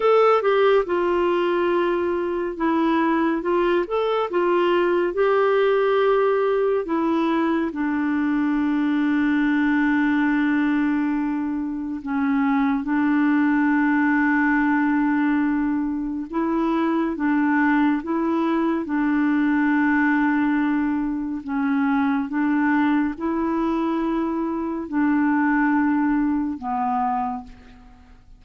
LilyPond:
\new Staff \with { instrumentName = "clarinet" } { \time 4/4 \tempo 4 = 70 a'8 g'8 f'2 e'4 | f'8 a'8 f'4 g'2 | e'4 d'2.~ | d'2 cis'4 d'4~ |
d'2. e'4 | d'4 e'4 d'2~ | d'4 cis'4 d'4 e'4~ | e'4 d'2 b4 | }